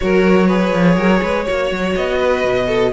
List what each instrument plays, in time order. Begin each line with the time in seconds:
0.00 cello F#3, viola F#4, violin A#4 C#5
0.46 viola G#4, violin B4
0.73 cello F3
0.96 cello F#3, violin A#4
1.22 cello G#3, violin B4
1.44 cello A#3, viola F#4, violin C#5
1.71 cello F#3
1.95 cello B3, violin D#5
2.17 violin B4
2.44 cello B2
2.67 violin A4